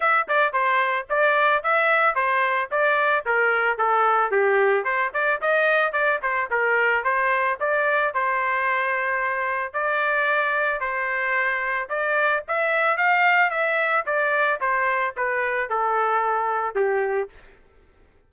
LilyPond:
\new Staff \with { instrumentName = "trumpet" } { \time 4/4 \tempo 4 = 111 e''8 d''8 c''4 d''4 e''4 | c''4 d''4 ais'4 a'4 | g'4 c''8 d''8 dis''4 d''8 c''8 | ais'4 c''4 d''4 c''4~ |
c''2 d''2 | c''2 d''4 e''4 | f''4 e''4 d''4 c''4 | b'4 a'2 g'4 | }